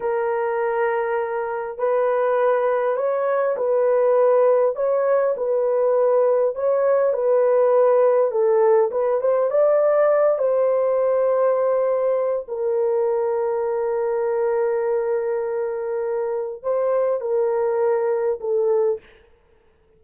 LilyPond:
\new Staff \with { instrumentName = "horn" } { \time 4/4 \tempo 4 = 101 ais'2. b'4~ | b'4 cis''4 b'2 | cis''4 b'2 cis''4 | b'2 a'4 b'8 c''8 |
d''4. c''2~ c''8~ | c''4 ais'2.~ | ais'1 | c''4 ais'2 a'4 | }